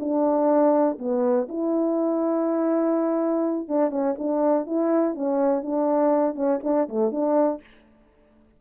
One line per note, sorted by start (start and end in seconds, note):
0.00 0.98 D4
0.99 1.48 B3
1.49 3.68 E4
3.68 3.91 D4
3.91 4.15 C#4
4.18 4.67 D4
4.67 5.15 E4
5.15 5.63 C#4
5.63 6.35 D4
6.35 6.60 C#4
6.64 6.88 D4
6.89 7.12 A3
7.12 7.61 D4